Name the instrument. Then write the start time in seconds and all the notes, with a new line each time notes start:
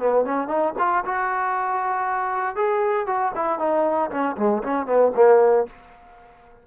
trombone
0.00 B3
0.25 C#4
0.48 D#4
0.79 F4
1.05 F#4
2.56 G#4
3.07 F#4
3.36 E4
3.59 D#4
4.11 C#4
4.37 G#3
4.63 C#4
4.87 B3
5.16 A#3